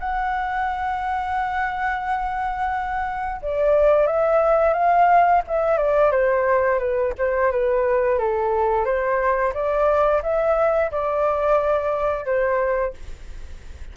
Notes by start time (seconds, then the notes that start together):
0.00 F#5
3.42 D5
4.07 E5
4.74 F5
5.47 E5
5.78 D5
6.12 C5
6.79 B4
7.18 C5
7.52 B4
8.19 A4
8.85 C5
9.54 D5
10.23 E5
10.92 D5
12.25 C5